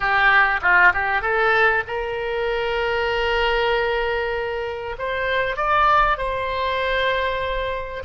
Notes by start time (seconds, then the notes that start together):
0.00 G4
0.62 F4
0.93 G4
1.21 A4
1.87 A#4
4.98 C5
5.56 D5
6.17 C5